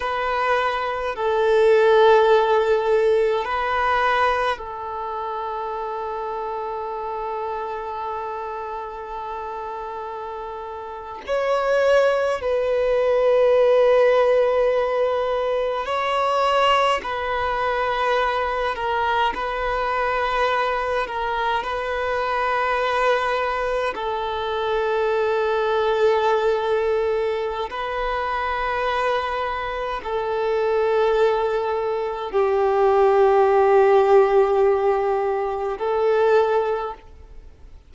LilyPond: \new Staff \with { instrumentName = "violin" } { \time 4/4 \tempo 4 = 52 b'4 a'2 b'4 | a'1~ | a'4.~ a'16 cis''4 b'4~ b'16~ | b'4.~ b'16 cis''4 b'4~ b'16~ |
b'16 ais'8 b'4. ais'8 b'4~ b'16~ | b'8. a'2.~ a'16 | b'2 a'2 | g'2. a'4 | }